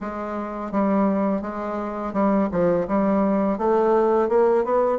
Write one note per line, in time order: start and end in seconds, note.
0.01 0.71 G#3
0.71 1.41 G3
1.41 2.13 G#3
2.13 2.48 G3
2.51 2.87 F3
2.87 3.58 G3
3.58 4.29 A3
4.29 4.64 A#3
4.64 4.98 B3